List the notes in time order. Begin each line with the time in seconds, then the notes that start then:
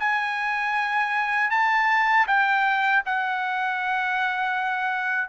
0.00 G#5
1.51 A5
2.28 G5
3.06 F#5